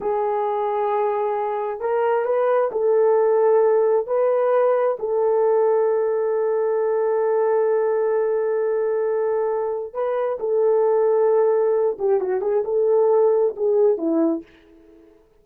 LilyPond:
\new Staff \with { instrumentName = "horn" } { \time 4/4 \tempo 4 = 133 gis'1 | ais'4 b'4 a'2~ | a'4 b'2 a'4~ | a'1~ |
a'1~ | a'2 b'4 a'4~ | a'2~ a'8 g'8 fis'8 gis'8 | a'2 gis'4 e'4 | }